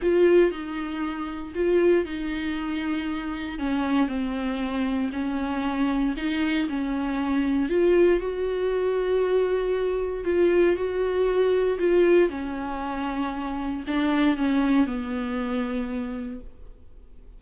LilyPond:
\new Staff \with { instrumentName = "viola" } { \time 4/4 \tempo 4 = 117 f'4 dis'2 f'4 | dis'2. cis'4 | c'2 cis'2 | dis'4 cis'2 f'4 |
fis'1 | f'4 fis'2 f'4 | cis'2. d'4 | cis'4 b2. | }